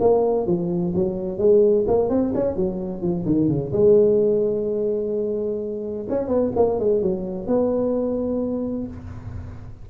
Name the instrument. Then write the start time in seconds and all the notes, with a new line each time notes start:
tuba
0.00 A#3
0.46 F3
0.95 F#3
1.38 G#3
1.87 A#3
2.09 C4
2.34 C#4
2.56 F#3
3.01 F3
3.25 D#3
3.49 C#3
3.72 G#3
6.09 C#4
6.28 B3
6.56 A#3
6.79 G#3
7.02 F#3
7.47 B3